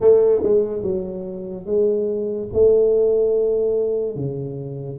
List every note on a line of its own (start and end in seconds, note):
0.00 0.42 A3
0.43 0.82 G#3
0.82 1.65 F#3
1.65 2.48 G#3
2.53 4.15 A3
4.15 4.98 C#3